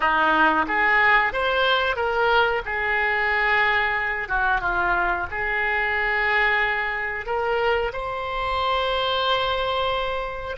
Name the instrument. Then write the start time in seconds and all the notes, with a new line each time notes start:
oboe
0.00 D#4
0.67 G#4
1.32 C5
1.96 A#4
2.65 G#4
4.28 F#4
4.61 F4
5.30 G#4
7.26 A#4
7.92 C5